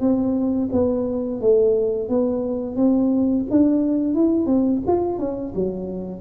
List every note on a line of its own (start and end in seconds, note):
0.00 0.69 C4
0.72 1.41 B3
1.41 2.09 A3
2.09 2.76 B3
2.76 3.45 C4
3.50 4.14 D4
4.14 4.46 E4
4.46 4.81 C4
4.87 5.19 F4
5.19 5.53 C#4
5.55 6.21 F#3